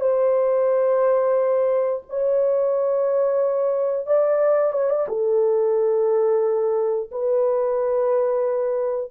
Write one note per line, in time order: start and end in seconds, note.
0.00 2.02 C5
2.09 4.06 C#5
4.06 4.73 D5
4.73 4.89 C#5
4.90 5.07 D5
5.08 7.10 A4
7.11 9.11 B4